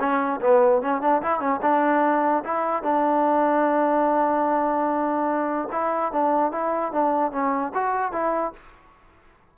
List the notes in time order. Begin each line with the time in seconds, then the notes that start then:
0.00 C#4
0.41 B3
0.82 C#4
1.02 D4
1.22 E4
1.40 C#4
1.62 D4
2.45 E4
2.83 D4
5.72 E4
6.13 D4
6.52 E4
6.93 D4
7.32 C#4
7.75 F#4
8.13 E4